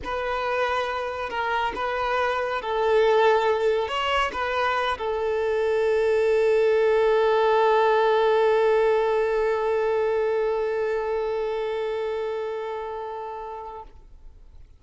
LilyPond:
\new Staff \with { instrumentName = "violin" } { \time 4/4 \tempo 4 = 139 b'2. ais'4 | b'2 a'2~ | a'4 cis''4 b'4. a'8~ | a'1~ |
a'1~ | a'1~ | a'1~ | a'1 | }